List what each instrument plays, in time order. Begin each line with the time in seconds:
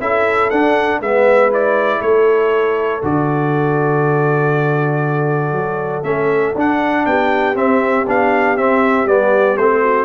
0.00 tuba C#4, trombone E4, horn A4, trumpet E5
0.50 tuba D4, trombone D4, trumpet F#5
0.99 tuba G#3, trombone B3, horn B4, trumpet E5
1.50 trombone E4, trumpet D5
1.98 tuba A3, horn A4, trumpet C#5
3.01 tuba D3, trombone F#4, trumpet D5
5.51 tuba F#3
6.03 tuba A3, trombone C#4, trumpet E5
6.55 tuba D4, trombone D4, trumpet F#5
7.05 tuba B3, horn G4, trumpet G5
7.54 trombone C4, tuba C4, trumpet E5
8.07 tuba B3, trombone D4, trumpet F5
8.57 trombone C4, tuba C4, trumpet E5
9.05 tuba G3, trombone B3, trumpet D5
9.56 tuba A3, trombone C4, trumpet C5
9.81 horn F#4